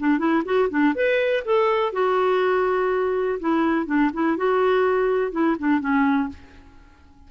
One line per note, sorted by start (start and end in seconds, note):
0.00 0.19 D4
0.19 0.43 E4
0.45 0.70 F#4
0.70 0.94 D4
0.95 1.44 B4
1.45 1.93 A4
1.93 3.39 F#4
3.40 3.87 E4
3.87 4.11 D4
4.14 4.38 E4
4.38 5.32 F#4
5.32 5.57 E4
5.59 5.81 D4
5.81 6.29 C#4